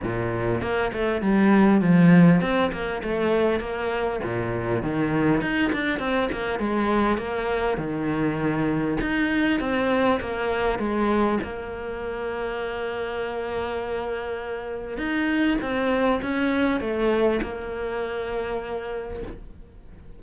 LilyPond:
\new Staff \with { instrumentName = "cello" } { \time 4/4 \tempo 4 = 100 ais,4 ais8 a8 g4 f4 | c'8 ais8 a4 ais4 ais,4 | dis4 dis'8 d'8 c'8 ais8 gis4 | ais4 dis2 dis'4 |
c'4 ais4 gis4 ais4~ | ais1~ | ais4 dis'4 c'4 cis'4 | a4 ais2. | }